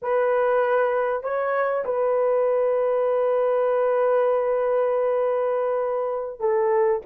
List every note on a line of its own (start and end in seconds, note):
0.02 1.23 B4
1.23 1.84 C#5
1.84 6.40 B4
6.40 7.01 A4